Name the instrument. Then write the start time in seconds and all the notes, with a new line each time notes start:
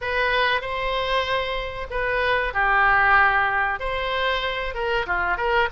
oboe
0.01 B4
0.61 C5
1.90 B4
2.53 G4
3.79 C5
4.74 A#4
5.06 F4
5.37 A#4